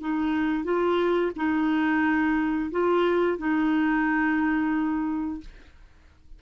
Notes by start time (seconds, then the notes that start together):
0.00 D#4
0.64 F4
1.36 D#4
2.71 F4
3.38 D#4